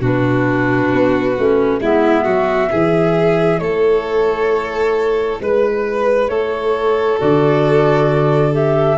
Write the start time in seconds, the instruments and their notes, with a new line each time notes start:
0.00 tuba B2, clarinet D4, violin F#4, flute B4
0.92 tuba B3
1.37 tuba A3, clarinet C#4
1.80 tuba G#3, clarinet B3, violin E4, flute E5
2.24 tuba F#3, violin F#4
2.70 tuba E3, clarinet E4, violin G#4
3.59 tuba A3, violin A4, flute C#5
5.40 tuba G#3, flute B4, violin B4
6.28 tuba A3, violin A4, flute C#5
7.18 tuba D3, clarinet F#4, flute D5
8.52 clarinet G4, flute E5